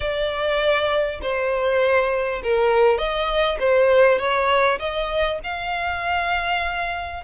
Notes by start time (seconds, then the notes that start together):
0.00 D5
1.22 C5
2.43 A#4
2.98 D#5
3.59 C5
4.18 C#5
4.79 D#5
5.43 F5